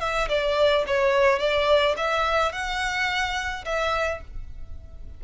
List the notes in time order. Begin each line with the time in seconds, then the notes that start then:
0.00 E5
0.29 D5
0.87 C#5
1.39 D5
1.97 E5
2.52 F#5
3.65 E5